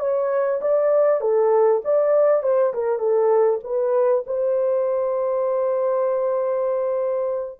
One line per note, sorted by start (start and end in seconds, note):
0.00 0.61 C#5
0.62 1.21 D5
1.21 1.82 A4
1.85 2.43 D5
2.43 2.74 C5
2.74 2.99 A#4
2.99 3.60 A4
3.64 4.25 B4
4.27 7.60 C5